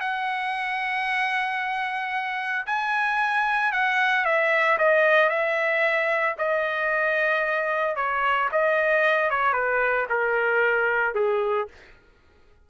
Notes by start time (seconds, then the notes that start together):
0.00 F#5
2.66 G#5
3.72 F#5
4.25 E5
4.78 D#5
5.29 E5
6.38 D#5
7.96 C#5
8.52 D#5
9.30 C#5
9.53 B4
10.09 A#4
11.15 G#4